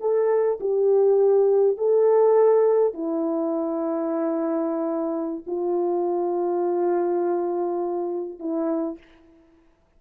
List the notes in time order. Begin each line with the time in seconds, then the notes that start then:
0.00 A4
0.60 G4
1.77 A4
2.94 E4
5.47 F4
8.39 E4